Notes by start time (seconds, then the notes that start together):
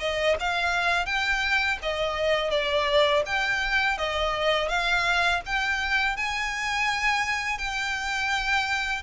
0.00 D#5
0.40 F5
1.06 G5
1.83 D#5
2.51 D5
3.26 G5
3.98 D#5
4.69 F5
5.46 G5
6.17 G#5
7.58 G5